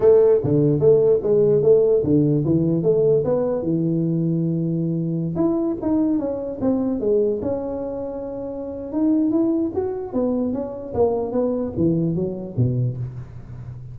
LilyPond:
\new Staff \with { instrumentName = "tuba" } { \time 4/4 \tempo 4 = 148 a4 d4 a4 gis4 | a4 d4 e4 a4 | b4 e2.~ | e4~ e16 e'4 dis'4 cis'8.~ |
cis'16 c'4 gis4 cis'4.~ cis'16~ | cis'2 dis'4 e'4 | fis'4 b4 cis'4 ais4 | b4 e4 fis4 b,4 | }